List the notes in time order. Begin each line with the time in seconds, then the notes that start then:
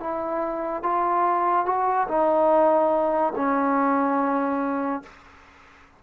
0.00 E4
0.83 F4
1.66 F#4
2.08 D#4
3.36 C#4